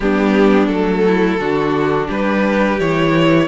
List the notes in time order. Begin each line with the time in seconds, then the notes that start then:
0.00 G3 B3 D4 G4
0.67 F#3 A3 A4
1.06 E4
1.38 D3 D4 F#4
2.07 G3 G4 B4
2.79 E3 E4 C#5